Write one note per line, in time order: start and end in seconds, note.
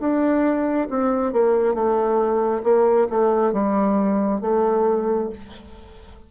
0.00 0.88 D4
0.91 1.33 C4
1.33 1.74 A#3
1.74 2.63 A3
2.64 3.08 A#3
3.10 3.53 A3
3.53 4.41 G3
4.42 5.30 A3